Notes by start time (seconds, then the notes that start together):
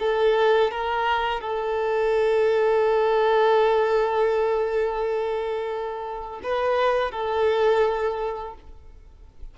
0.00 A4
0.71 A#4
1.41 A4
6.44 B4
7.12 A4